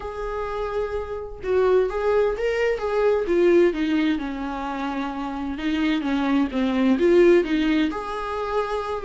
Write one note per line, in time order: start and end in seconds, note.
0.00 1.39 G#4
1.43 1.89 F#4
1.89 2.36 G#4
2.37 2.78 A#4
2.78 3.24 G#4
3.27 3.73 F4
3.73 4.18 D#4
4.18 5.58 C#4
5.58 6.01 D#4
6.01 6.48 C#4
6.51 6.98 C4
6.99 7.44 F4
7.44 7.90 D#4
7.90 9.04 G#4